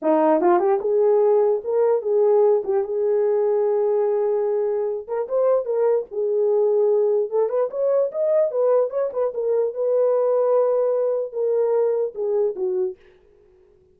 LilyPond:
\new Staff \with { instrumentName = "horn" } { \time 4/4 \tempo 4 = 148 dis'4 f'8 g'8 gis'2 | ais'4 gis'4. g'8 gis'4~ | gis'1~ | gis'8 ais'8 c''4 ais'4 gis'4~ |
gis'2 a'8 b'8 cis''4 | dis''4 b'4 cis''8 b'8 ais'4 | b'1 | ais'2 gis'4 fis'4 | }